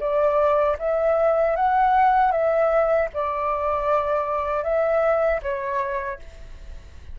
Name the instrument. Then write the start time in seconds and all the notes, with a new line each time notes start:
flute
0.00 D5
0.79 E5
1.56 F#5
2.31 E5
3.13 D5
4.63 E5
5.42 C#5